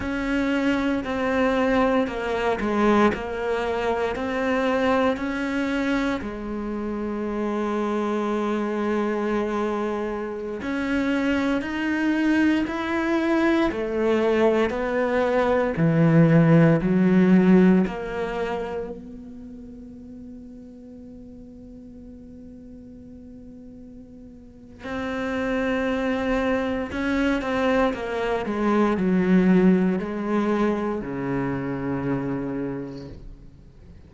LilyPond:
\new Staff \with { instrumentName = "cello" } { \time 4/4 \tempo 4 = 58 cis'4 c'4 ais8 gis8 ais4 | c'4 cis'4 gis2~ | gis2~ gis16 cis'4 dis'8.~ | dis'16 e'4 a4 b4 e8.~ |
e16 fis4 ais4 b4.~ b16~ | b1 | c'2 cis'8 c'8 ais8 gis8 | fis4 gis4 cis2 | }